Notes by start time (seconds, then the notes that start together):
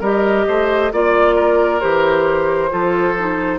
0.00 G3 G4 A#4 D#5
0.47 A3 C5
0.92 A#3 F4 D5
1.35 A#4
1.80 E3 G4 C5
2.69 F3 F4 A4
3.18 D#4